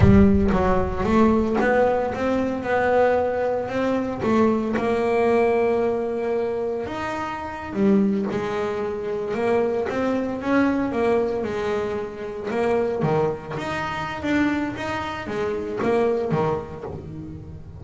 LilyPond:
\new Staff \with { instrumentName = "double bass" } { \time 4/4 \tempo 4 = 114 g4 fis4 a4 b4 | c'4 b2 c'4 | a4 ais2.~ | ais4 dis'4.~ dis'16 g4 gis16~ |
gis4.~ gis16 ais4 c'4 cis'16~ | cis'8. ais4 gis2 ais16~ | ais8. dis4 dis'4~ dis'16 d'4 | dis'4 gis4 ais4 dis4 | }